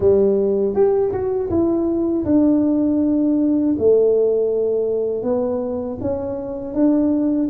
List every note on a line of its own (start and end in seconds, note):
0.00 0.74 G3
0.74 1.12 G4
1.12 1.49 F#4
1.50 2.25 E4
2.25 3.75 D4
3.78 5.23 A3
5.23 5.98 B3
6.00 6.74 C#4
6.74 7.49 D4